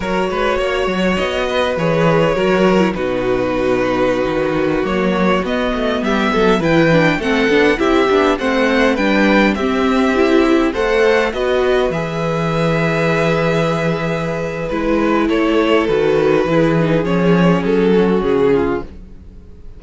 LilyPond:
<<
  \new Staff \with { instrumentName = "violin" } { \time 4/4 \tempo 4 = 102 cis''2 dis''4 cis''4~ | cis''4 b'2.~ | b'16 cis''4 dis''4 e''4 g''8.~ | g''16 fis''4 e''4 fis''4 g''8.~ |
g''16 e''2 fis''4 dis''8.~ | dis''16 e''2.~ e''8.~ | e''4 b'4 cis''4 b'4~ | b'4 cis''4 a'4 gis'4 | }
  \new Staff \with { instrumentName = "violin" } { \time 4/4 ais'8 b'8 cis''4. b'4. | ais'4 fis'2.~ | fis'2~ fis'16 g'8 a'8 b'8.~ | b'16 a'4 g'4 c''4 b'8.~ |
b'16 g'2 c''4 b'8.~ | b'1~ | b'2 a'2 | gis'2~ gis'8 fis'4 f'8 | }
  \new Staff \with { instrumentName = "viola" } { \time 4/4 fis'2. gis'4 | fis'8. e'16 dis'2.~ | dis'16 ais4 b2 e'8 d'16~ | d'16 c'8 d'8 e'8 d'8 c'4 d'8.~ |
d'16 c'4 e'4 a'4 fis'8.~ | fis'16 gis'2.~ gis'8.~ | gis'4 e'2 fis'4 | e'8 dis'8 cis'2. | }
  \new Staff \with { instrumentName = "cello" } { \time 4/4 fis8 gis8 ais8 fis8 b4 e4 | fis4 b,2~ b,16 dis8.~ | dis16 fis4 b8 a8 g8 fis8 e8.~ | e16 a8 b8 c'8 b8 a4 g8.~ |
g16 c'2 a4 b8.~ | b16 e2.~ e8.~ | e4 gis4 a4 dis4 | e4 f4 fis4 cis4 | }
>>